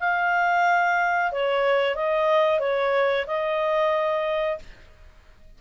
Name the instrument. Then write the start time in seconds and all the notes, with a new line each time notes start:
clarinet
0.00 F5
1.32 C#5
1.95 D#5
2.60 C#5
3.27 D#5